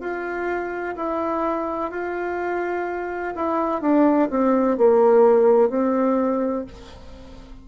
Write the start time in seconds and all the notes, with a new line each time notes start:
0.00 F4
0.96 E4
1.90 F4
3.35 E4
3.81 D4
4.30 C4
4.77 A#3
5.69 C4